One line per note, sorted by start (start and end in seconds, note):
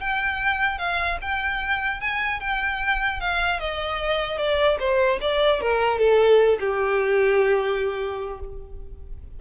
0.00 0.78 G5
0.78 1.18 F5
1.21 2.00 G5
2.00 2.40 G#5
2.40 3.20 G5
3.20 3.59 F5
3.59 4.37 D#5
4.37 4.77 D5
4.79 5.19 C5
5.21 5.61 D5
5.61 5.98 A#4
5.98 6.58 A4
6.59 8.39 G4